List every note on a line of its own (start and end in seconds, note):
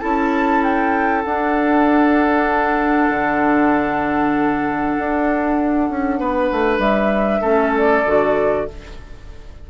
0.00 1.26 C#4
0.00 1.24 E4
0.00 6.19 A4
0.00 0.62 A5
0.63 1.22 G5
1.22 3.10 D4
1.22 7.43 D4
1.22 6.79 F#5
3.10 4.95 D3
4.98 5.90 D4
5.90 6.19 C#4
6.19 6.50 B3
6.19 7.41 B4
6.52 6.79 A3
6.79 7.41 G3
6.79 7.72 E5
7.41 8.03 A3
7.41 8.05 C#4
7.41 8.65 A4
7.78 8.70 D5
8.06 8.68 D3
8.06 8.68 F#4